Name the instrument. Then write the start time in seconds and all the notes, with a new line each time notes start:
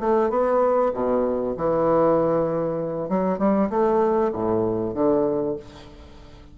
bassoon
0.00 A3
0.30 B3
0.94 B2
1.57 E3
3.09 F#3
3.39 G3
3.70 A3
4.33 A2
4.94 D3